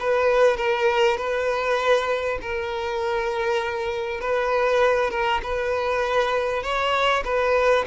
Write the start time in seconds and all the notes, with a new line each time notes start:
0.00 B4
0.57 A#4
1.17 B4
2.41 A#4
4.21 B4
5.11 A#4
5.43 B4
6.63 C#5
7.25 B4